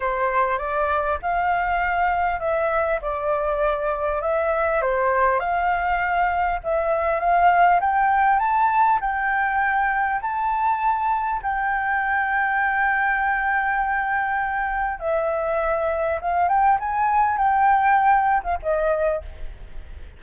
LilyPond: \new Staff \with { instrumentName = "flute" } { \time 4/4 \tempo 4 = 100 c''4 d''4 f''2 | e''4 d''2 e''4 | c''4 f''2 e''4 | f''4 g''4 a''4 g''4~ |
g''4 a''2 g''4~ | g''1~ | g''4 e''2 f''8 g''8 | gis''4 g''4.~ g''16 f''16 dis''4 | }